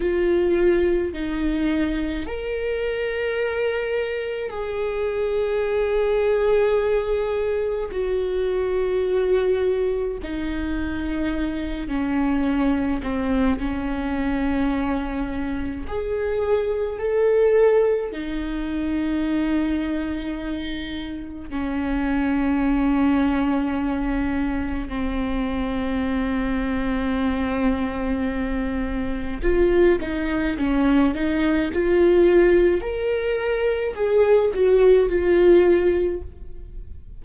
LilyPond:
\new Staff \with { instrumentName = "viola" } { \time 4/4 \tempo 4 = 53 f'4 dis'4 ais'2 | gis'2. fis'4~ | fis'4 dis'4. cis'4 c'8 | cis'2 gis'4 a'4 |
dis'2. cis'4~ | cis'2 c'2~ | c'2 f'8 dis'8 cis'8 dis'8 | f'4 ais'4 gis'8 fis'8 f'4 | }